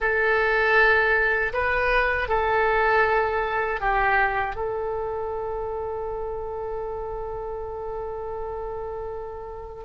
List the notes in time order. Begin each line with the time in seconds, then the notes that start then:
0.00 A4
1.53 B4
2.28 A4
3.80 G4
4.55 A4